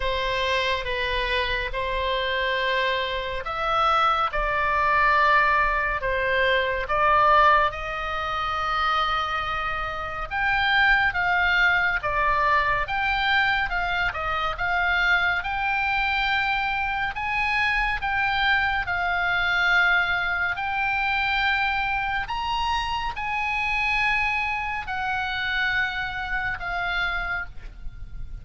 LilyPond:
\new Staff \with { instrumentName = "oboe" } { \time 4/4 \tempo 4 = 70 c''4 b'4 c''2 | e''4 d''2 c''4 | d''4 dis''2. | g''4 f''4 d''4 g''4 |
f''8 dis''8 f''4 g''2 | gis''4 g''4 f''2 | g''2 ais''4 gis''4~ | gis''4 fis''2 f''4 | }